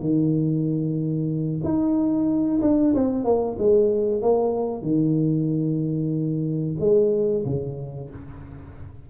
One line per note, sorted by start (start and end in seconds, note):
0.00 1.61 D#3
1.64 2.61 D#4
2.62 2.94 D4
2.94 3.24 C4
3.24 3.57 A#3
3.58 4.21 G#3
4.21 4.82 A#3
4.82 6.76 D#3
6.80 7.44 G#3
7.45 8.10 C#3